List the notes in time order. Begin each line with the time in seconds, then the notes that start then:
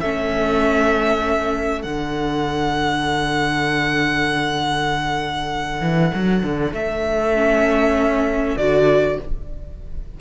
0.00 A3 C#4 A4 E5
1.82 D3 D4 F#5
5.81 E3
6.15 F#3
6.43 D3
6.72 A3 E5
7.36 C#4
8.57 D3 F#4 D5